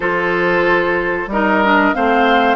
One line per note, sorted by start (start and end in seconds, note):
0.00 1.26 F3
0.00 1.28 F4
0.00 1.29 A4
0.00 1.29 C5
1.26 1.91 G3
1.26 1.64 D#4
1.26 1.95 A#4
1.26 1.94 D#5
1.64 1.94 D4
1.94 2.56 A3
1.94 2.56 C4
1.94 2.56 C5
1.94 2.56 F5